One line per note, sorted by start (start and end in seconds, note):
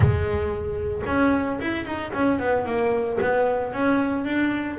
0.00 1.02 G#3
1.06 1.59 C#4
1.60 1.85 E4
1.85 2.11 D#4
2.13 2.39 C#4
2.39 2.65 B3
2.65 3.18 A#3
3.21 3.72 B3
3.72 4.25 C#4
4.25 4.78 D4